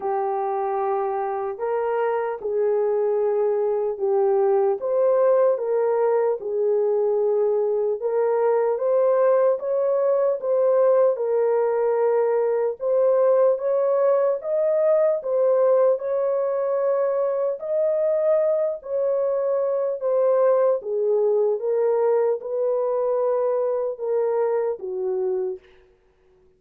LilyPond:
\new Staff \with { instrumentName = "horn" } { \time 4/4 \tempo 4 = 75 g'2 ais'4 gis'4~ | gis'4 g'4 c''4 ais'4 | gis'2 ais'4 c''4 | cis''4 c''4 ais'2 |
c''4 cis''4 dis''4 c''4 | cis''2 dis''4. cis''8~ | cis''4 c''4 gis'4 ais'4 | b'2 ais'4 fis'4 | }